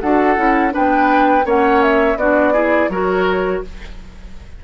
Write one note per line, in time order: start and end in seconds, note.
0.00 0.37 D4
0.00 0.37 F#4
0.00 0.73 A4
0.00 0.72 F#5
0.37 0.73 C#4
0.37 0.70 E4
0.70 1.43 D4
0.70 1.45 B4
0.70 1.48 G5
0.77 1.45 B3
1.45 2.16 A#3
1.45 2.17 C#4
1.45 2.18 C#5
1.45 1.82 F#5
1.82 2.18 E5
2.16 2.88 B3
2.16 2.53 D4
2.16 2.53 F#4
2.16 2.90 D5
2.53 2.90 E4
2.53 2.89 G#4
2.89 3.61 F#3
2.89 3.64 F#4
2.89 3.64 A#4
2.89 3.62 C#5